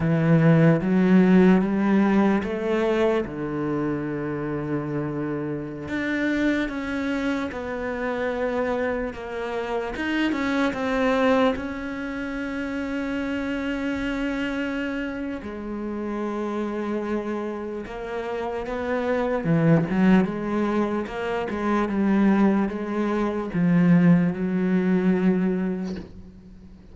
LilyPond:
\new Staff \with { instrumentName = "cello" } { \time 4/4 \tempo 4 = 74 e4 fis4 g4 a4 | d2.~ d16 d'8.~ | d'16 cis'4 b2 ais8.~ | ais16 dis'8 cis'8 c'4 cis'4.~ cis'16~ |
cis'2. gis4~ | gis2 ais4 b4 | e8 fis8 gis4 ais8 gis8 g4 | gis4 f4 fis2 | }